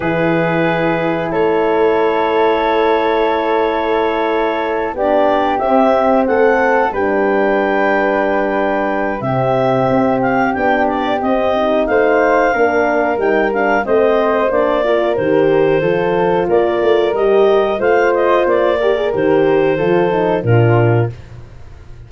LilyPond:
<<
  \new Staff \with { instrumentName = "clarinet" } { \time 4/4 \tempo 4 = 91 b'2 cis''2~ | cis''2.~ cis''8 d''8~ | d''8 e''4 fis''4 g''4.~ | g''2 e''4. f''8 |
g''8 d''8 dis''4 f''2 | g''8 f''8 dis''4 d''4 c''4~ | c''4 d''4 dis''4 f''8 dis''8 | d''4 c''2 ais'4 | }
  \new Staff \with { instrumentName = "flute" } { \time 4/4 gis'2 a'2~ | a'2.~ a'8 g'8~ | g'4. a'4 b'4.~ | b'2 g'2~ |
g'2 c''4 ais'4~ | ais'4 c''4. ais'4. | a'4 ais'2 c''4~ | c''8 ais'4. a'4 f'4 | }
  \new Staff \with { instrumentName = "horn" } { \time 4/4 e'1~ | e'2.~ e'8 d'8~ | d'8 c'2 d'4.~ | d'2 c'2 |
d'4 c'8 dis'4. d'4 | dis'8 d'8 c'4 d'8 f'8 g'4 | f'2 g'4 f'4~ | f'8 g'16 gis'16 g'4 f'8 dis'8 d'4 | }
  \new Staff \with { instrumentName = "tuba" } { \time 4/4 e2 a2~ | a2.~ a8 b8~ | b8 c'4 a4 g4.~ | g2 c4 c'4 |
b4 c'4 a4 ais4 | g4 a4 ais4 dis4 | f4 ais8 a8 g4 a4 | ais4 dis4 f4 ais,4 | }
>>